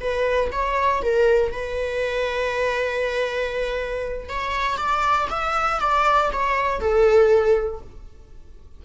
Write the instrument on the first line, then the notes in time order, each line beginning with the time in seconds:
viola
0.00 B4
0.52 C#5
1.02 A#4
1.52 B4
4.29 C#5
4.77 D5
5.30 E5
5.80 D5
6.32 C#5
6.80 A4